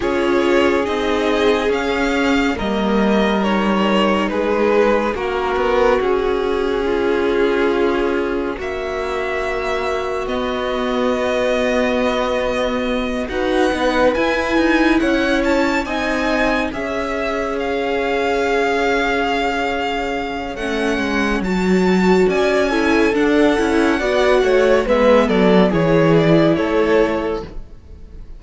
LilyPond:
<<
  \new Staff \with { instrumentName = "violin" } { \time 4/4 \tempo 4 = 70 cis''4 dis''4 f''4 dis''4 | cis''4 b'4 ais'4 gis'4~ | gis'2 e''2 | dis''2.~ dis''8 fis''8~ |
fis''8 gis''4 fis''8 a''8 gis''4 e''8~ | e''8 f''2.~ f''8 | fis''4 a''4 gis''4 fis''4~ | fis''4 e''8 d''8 cis''8 d''8 cis''4 | }
  \new Staff \with { instrumentName = "violin" } { \time 4/4 gis'2. ais'4~ | ais'4 gis'4 fis'2 | f'2 fis'2~ | fis'2.~ fis'8 b'8~ |
b'4. cis''4 dis''4 cis''8~ | cis''1~ | cis''2 d''8 a'4. | d''8 cis''8 b'8 a'8 gis'4 a'4 | }
  \new Staff \with { instrumentName = "viola" } { \time 4/4 f'4 dis'4 cis'4 ais4 | dis'2 cis'2~ | cis'1 | b2.~ b8 fis'8 |
dis'8 e'2 dis'4 gis'8~ | gis'1 | cis'4 fis'4. e'8 d'8 e'8 | fis'4 b4 e'2 | }
  \new Staff \with { instrumentName = "cello" } { \time 4/4 cis'4 c'4 cis'4 g4~ | g4 gis4 ais8 b8 cis'4~ | cis'2 ais2 | b2.~ b8 dis'8 |
b8 e'8 dis'8 cis'4 c'4 cis'8~ | cis'1 | a8 gis8 fis4 cis'4 d'8 cis'8 | b8 a8 gis8 fis8 e4 a4 | }
>>